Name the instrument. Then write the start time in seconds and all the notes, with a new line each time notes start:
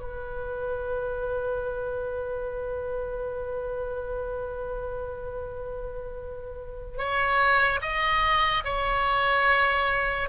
oboe
0.00 B4
6.98 C#5
7.82 D#5
8.65 C#5